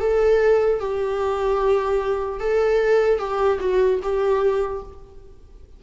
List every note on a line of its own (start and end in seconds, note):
0.00 0.80 A4
0.80 2.40 G4
2.40 3.19 A4
3.19 3.59 G4
3.60 4.00 F#4
4.03 4.83 G4